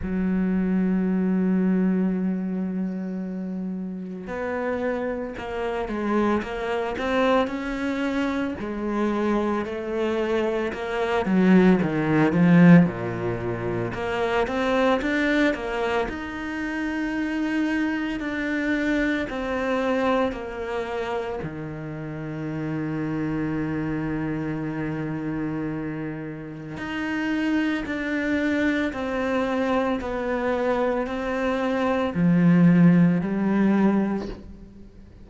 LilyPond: \new Staff \with { instrumentName = "cello" } { \time 4/4 \tempo 4 = 56 fis1 | b4 ais8 gis8 ais8 c'8 cis'4 | gis4 a4 ais8 fis8 dis8 f8 | ais,4 ais8 c'8 d'8 ais8 dis'4~ |
dis'4 d'4 c'4 ais4 | dis1~ | dis4 dis'4 d'4 c'4 | b4 c'4 f4 g4 | }